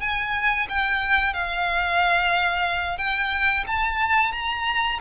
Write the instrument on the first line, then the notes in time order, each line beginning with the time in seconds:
violin
0.00 G#5
0.69 G5
1.33 F5
2.98 G5
3.67 A5
4.32 A#5